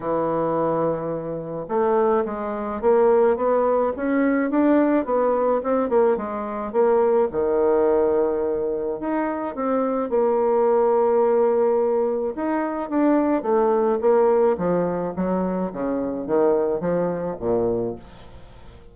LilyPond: \new Staff \with { instrumentName = "bassoon" } { \time 4/4 \tempo 4 = 107 e2. a4 | gis4 ais4 b4 cis'4 | d'4 b4 c'8 ais8 gis4 | ais4 dis2. |
dis'4 c'4 ais2~ | ais2 dis'4 d'4 | a4 ais4 f4 fis4 | cis4 dis4 f4 ais,4 | }